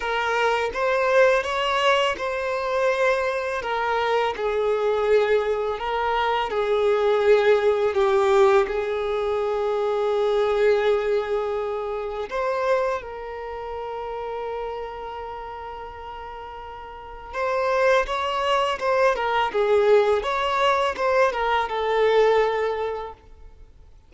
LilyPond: \new Staff \with { instrumentName = "violin" } { \time 4/4 \tempo 4 = 83 ais'4 c''4 cis''4 c''4~ | c''4 ais'4 gis'2 | ais'4 gis'2 g'4 | gis'1~ |
gis'4 c''4 ais'2~ | ais'1 | c''4 cis''4 c''8 ais'8 gis'4 | cis''4 c''8 ais'8 a'2 | }